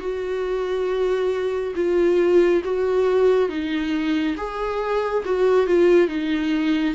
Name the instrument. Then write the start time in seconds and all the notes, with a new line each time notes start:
viola
0.00 F#4
1.75 F4
2.64 F#4
3.49 D#4
4.37 G#4
5.25 F#4
5.67 F4
6.08 D#4